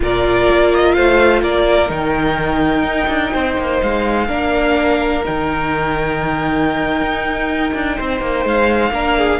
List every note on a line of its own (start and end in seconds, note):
0.00 0.48 A#2
0.00 1.87 F4
0.00 0.95 A#4
0.00 0.74 D5
0.50 0.97 A#3
0.74 0.93 D#5
0.93 1.42 A3
0.93 1.42 C5
0.93 1.40 F5
1.42 1.89 A#3
1.42 3.32 A#4
1.42 1.90 D5
1.87 2.83 D#3
1.87 4.25 D#4
1.87 3.81 G5
2.83 3.07 D#4
3.08 3.32 D4
3.32 3.57 C4
3.32 4.27 C5
3.57 3.81 A#3
3.81 4.28 G#3
3.81 5.24 F5
4.27 5.23 A#3
4.27 5.23 D4
4.27 7.96 A#4
5.25 7.01 D#3
5.25 8.92 D#4
5.25 8.47 G5
7.01 7.72 D#4
7.74 7.98 D4
7.96 8.21 C4
7.96 8.91 C5
8.21 8.44 A#3
8.44 8.90 G#3
8.44 9.40 F5
8.90 9.38 A#3
8.90 9.40 D4
8.90 9.17 A#4
9.17 9.40 G#4